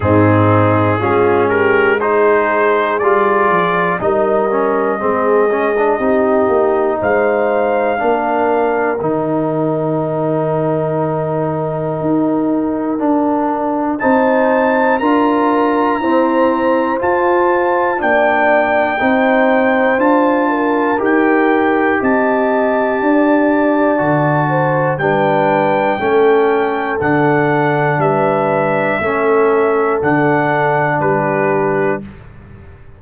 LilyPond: <<
  \new Staff \with { instrumentName = "trumpet" } { \time 4/4 \tempo 4 = 60 gis'4. ais'8 c''4 d''4 | dis''2. f''4~ | f''4 g''2.~ | g''2 a''4 ais''4~ |
ais''4 a''4 g''2 | a''4 g''4 a''2~ | a''4 g''2 fis''4 | e''2 fis''4 b'4 | }
  \new Staff \with { instrumentName = "horn" } { \time 4/4 dis'4 f'8 g'8 gis'2 | ais'4 gis'4 g'4 c''4 | ais'1~ | ais'2 c''4 ais'4 |
c''2 d''4 c''4~ | c''8 ais'4. dis''4 d''4~ | d''8 c''8 b'4 a'2 | b'4 a'2 g'4 | }
  \new Staff \with { instrumentName = "trombone" } { \time 4/4 c'4 cis'4 dis'4 f'4 | dis'8 cis'8 c'8 cis'16 d'16 dis'2 | d'4 dis'2.~ | dis'4 d'4 dis'4 f'4 |
c'4 f'4 d'4 dis'4 | f'4 g'2. | fis'4 d'4 cis'4 d'4~ | d'4 cis'4 d'2 | }
  \new Staff \with { instrumentName = "tuba" } { \time 4/4 gis,4 gis2 g8 f8 | g4 gis4 c'8 ais8 gis4 | ais4 dis2. | dis'4 d'4 c'4 d'4 |
e'4 f'4 ais4 c'4 | d'4 dis'4 c'4 d'4 | d4 g4 a4 d4 | g4 a4 d4 g4 | }
>>